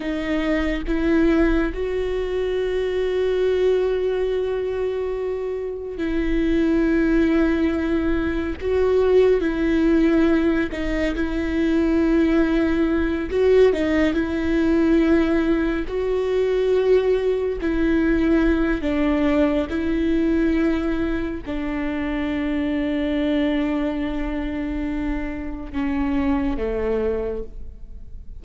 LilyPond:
\new Staff \with { instrumentName = "viola" } { \time 4/4 \tempo 4 = 70 dis'4 e'4 fis'2~ | fis'2. e'4~ | e'2 fis'4 e'4~ | e'8 dis'8 e'2~ e'8 fis'8 |
dis'8 e'2 fis'4.~ | fis'8 e'4. d'4 e'4~ | e'4 d'2.~ | d'2 cis'4 a4 | }